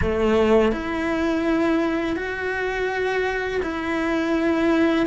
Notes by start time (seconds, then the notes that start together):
0.01 A3
0.72 E4
2.16 F#4
3.62 E4